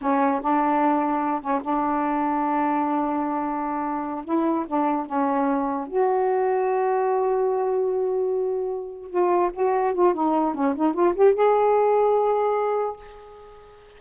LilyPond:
\new Staff \with { instrumentName = "saxophone" } { \time 4/4 \tempo 4 = 148 cis'4 d'2~ d'8 cis'8 | d'1~ | d'2~ d'8 e'4 d'8~ | d'8 cis'2 fis'4.~ |
fis'1~ | fis'2~ fis'8 f'4 fis'8~ | fis'8 f'8 dis'4 cis'8 dis'8 f'8 g'8 | gis'1 | }